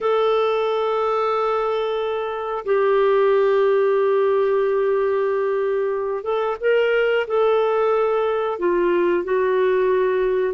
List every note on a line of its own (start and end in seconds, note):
0.01 2.64 A4
2.65 6.23 G4
6.23 6.56 A4
6.60 7.26 A#4
7.27 8.58 A4
8.58 9.24 F4
9.24 10.53 F#4